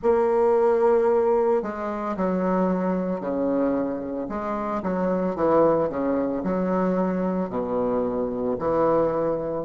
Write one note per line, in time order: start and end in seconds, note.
0.02 1.62 A#3
1.62 2.16 G#3
2.16 3.20 F#3
3.20 4.27 C#3
4.29 4.82 G#3
4.82 5.35 F#3
5.35 5.89 E3
5.89 6.42 C#3
6.43 7.50 F#3
7.50 8.57 B2
8.58 9.64 E3